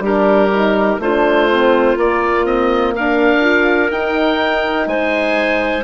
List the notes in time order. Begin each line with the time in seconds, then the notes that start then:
0.00 G3 D4 G4 A#4
0.52 D#4
1.00 A3 D4 F4 C5
1.50 C4
1.97 A#3 D5
2.45 C4 D#5
2.95 D4 A#4 F5
3.41 F4
3.91 D#4 G5
4.87 G#3 C5 G#5